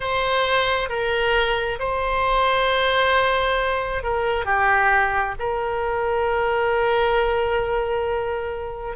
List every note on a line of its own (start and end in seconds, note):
0.00 0.89 C5
0.89 1.78 A#4
1.79 4.03 C5
4.03 4.45 A#4
4.45 5.34 G4
5.39 8.96 A#4